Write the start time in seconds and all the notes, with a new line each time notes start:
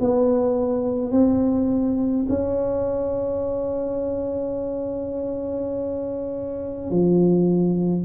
0.00 B3
1.11 C4
2.29 C#4
6.90 F3